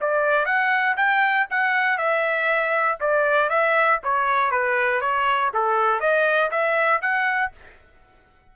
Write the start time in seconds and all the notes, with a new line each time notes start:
0.00 D5
0.45 F#5
0.96 G5
1.50 F#5
1.97 E5
3.00 D5
3.49 E5
4.03 C#5
4.51 B4
5.01 C#5
5.53 A4
6.00 D#5
6.50 E5
7.01 F#5